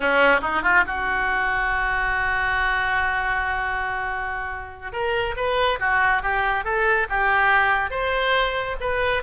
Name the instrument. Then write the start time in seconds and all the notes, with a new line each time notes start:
oboe
0.00 C#4
0.41 D#4
0.62 F4
0.86 F#4
4.92 A#4
5.36 B4
5.79 F#4
6.22 G4
6.64 A4
7.09 G4
7.90 C5
8.80 B4